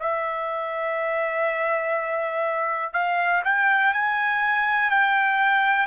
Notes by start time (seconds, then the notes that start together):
0.00 E5
2.93 F5
3.44 G5
3.94 G#5
4.90 G5